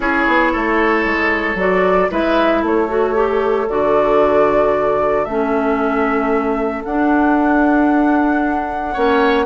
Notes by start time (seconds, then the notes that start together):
0.00 C#4 E4 G#4 C#5
0.27 B3
0.52 A3 A4
1.05 G#3
1.54 F#3 F#4 D5
2.09 G#3 E4 B4 E5
2.61 A3 A4 C#5
2.88 F#4
3.14 G4
3.69 D3 F#4 D5
5.25 A3 C#4 E5
6.84 D4 F#5
8.93 A#3 C#4 C#5